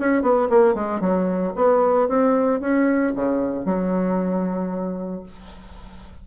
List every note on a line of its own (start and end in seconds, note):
0.00 0.23 C#4
0.23 0.49 B3
0.50 0.75 A#3
0.75 1.01 G#3
1.01 1.53 F#3
1.56 2.09 B3
2.09 2.61 C4
2.61 3.13 C#4
3.16 3.66 C#3
3.66 5.24 F#3